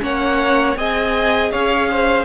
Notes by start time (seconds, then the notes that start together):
0.00 A#3 C#4 C#5 F#5
0.75 C4 G#4 D#5 G#5
1.51 C#4 C#5 F5
1.91 C5